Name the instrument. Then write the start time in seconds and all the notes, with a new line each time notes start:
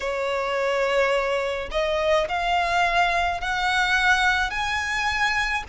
violin
0.00 C#5
1.71 D#5
2.28 F5
3.41 F#5
4.50 G#5